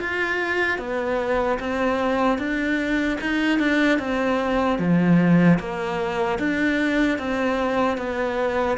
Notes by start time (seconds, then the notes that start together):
0.00 F4
0.78 B3
1.60 C4
2.38 D4
3.21 D#4
3.59 D4
3.99 C4
4.79 F3
5.59 A#3
6.39 D4
7.18 C4
7.97 B3